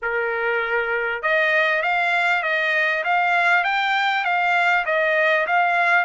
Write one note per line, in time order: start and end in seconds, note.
0.02 1.22 A#4
1.22 1.82 D#5
1.82 2.42 F5
2.42 3.03 D#5
3.03 3.64 F5
3.64 4.24 G5
4.24 4.85 F5
4.85 5.46 D#5
5.46 6.04 F5